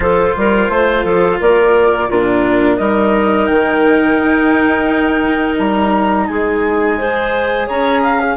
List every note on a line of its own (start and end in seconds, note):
0.00 0.34 F3
0.00 2.09 F4
0.00 0.36 A4
0.00 1.40 C5
0.36 0.69 G3
0.36 0.71 A#4
0.69 1.04 A3
0.69 1.04 C5
1.04 1.39 F3
1.04 1.39 A4
1.39 2.09 A#3
1.39 2.08 A#4
1.39 2.10 D5
2.08 2.79 A#2
2.08 2.80 D4
2.08 2.77 F4
2.08 2.76 A#4
2.76 3.49 G3
2.76 6.98 D#4
2.76 6.26 A#4
2.76 3.46 D#5
3.46 4.18 D#3
3.46 5.55 G5
4.18 5.57 D#4
5.58 6.28 G3
5.58 6.27 A#5
6.27 7.68 G#3
6.27 6.97 G#4
6.27 7.67 G#5
6.97 8.36 G#4
6.97 7.66 C5
7.66 8.36 C#4
7.66 8.01 C#5
7.66 8.20 A#5
8.02 8.36 F5
8.20 8.36 G#4